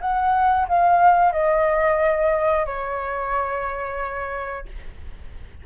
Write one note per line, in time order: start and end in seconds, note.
0.00 0.67 F#5
0.68 1.32 F5
1.32 2.65 D#5
2.65 4.65 C#5